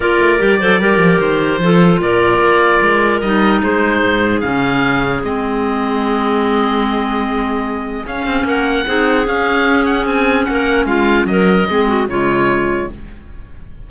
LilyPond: <<
  \new Staff \with { instrumentName = "oboe" } { \time 4/4 \tempo 4 = 149 d''2. c''4~ | c''4 d''2. | dis''4 c''2 f''4~ | f''4 dis''2.~ |
dis''1 | f''4 fis''2 f''4~ | f''8 fis''8 gis''4 fis''4 f''4 | dis''2 cis''2 | }
  \new Staff \with { instrumentName = "clarinet" } { \time 4/4 ais'4. c''8 ais'2 | a'4 ais'2.~ | ais'4 gis'2.~ | gis'1~ |
gis'1~ | gis'4 ais'4 gis'2~ | gis'2 ais'4 f'4 | ais'4 gis'8 fis'8 f'2 | }
  \new Staff \with { instrumentName = "clarinet" } { \time 4/4 f'4 g'8 a'8 g'2 | f'1 | dis'2. cis'4~ | cis'4 c'2.~ |
c'1 | cis'2 dis'4 cis'4~ | cis'1~ | cis'4 c'4 gis2 | }
  \new Staff \with { instrumentName = "cello" } { \time 4/4 ais8 a8 g8 fis8 g8 f8 dis4 | f4 ais,4 ais4 gis4 | g4 gis4 gis,4 cis4~ | cis4 gis2.~ |
gis1 | cis'8 c'8 ais4 c'4 cis'4~ | cis'4 c'4 ais4 gis4 | fis4 gis4 cis2 | }
>>